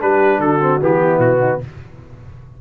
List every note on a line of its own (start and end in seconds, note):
0.00 0.40 G3
0.00 0.60 D4
0.00 0.40 G4
0.00 0.41 B4
0.40 0.80 D3
0.40 1.01 F#4
0.40 0.81 A4
0.61 0.81 C4
0.81 1.19 E3
0.81 1.61 B3
0.81 1.20 G4
1.03 1.39 E4
1.19 1.59 B2
1.19 1.60 F#4
1.39 1.59 D#4